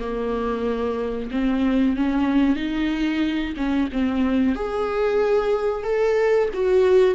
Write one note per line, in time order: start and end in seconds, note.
0.00 1.30 A#3
1.32 1.97 C4
1.97 2.57 C#4
2.57 3.55 D#4
3.57 3.90 C#4
3.93 4.56 C4
4.56 5.84 G#4
5.84 6.49 A4
6.54 7.15 F#4